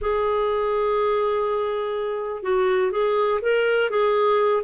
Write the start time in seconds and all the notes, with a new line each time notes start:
0.01 G#4
2.42 F#4
2.91 G#4
3.41 A#4
3.89 G#4